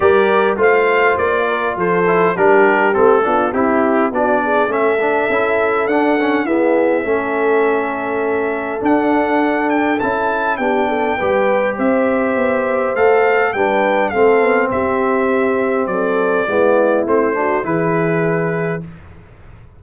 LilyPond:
<<
  \new Staff \with { instrumentName = "trumpet" } { \time 4/4 \tempo 4 = 102 d''4 f''4 d''4 c''4 | ais'4 a'4 g'4 d''4 | e''2 fis''4 e''4~ | e''2. fis''4~ |
fis''8 g''8 a''4 g''2 | e''2 f''4 g''4 | f''4 e''2 d''4~ | d''4 c''4 b'2 | }
  \new Staff \with { instrumentName = "horn" } { \time 4/4 ais'4 c''4. ais'8 a'4 | g'4. f'8 e'4 fis'8 gis'8 | a'2. gis'4 | a'1~ |
a'2 g'8 a'8 b'4 | c''2. b'4 | a'4 g'2 a'4 | e'4. fis'8 gis'2 | }
  \new Staff \with { instrumentName = "trombone" } { \time 4/4 g'4 f'2~ f'8 e'8 | d'4 c'8 d'8 e'4 d'4 | cis'8 d'8 e'4 d'8 cis'8 b4 | cis'2. d'4~ |
d'4 e'4 d'4 g'4~ | g'2 a'4 d'4 | c'1 | b4 c'8 d'8 e'2 | }
  \new Staff \with { instrumentName = "tuba" } { \time 4/4 g4 a4 ais4 f4 | g4 a8 b8 c'4 b4 | a4 cis'4 d'4 e'4 | a2. d'4~ |
d'4 cis'4 b4 g4 | c'4 b4 a4 g4 | a8 b8 c'2 fis4 | gis4 a4 e2 | }
>>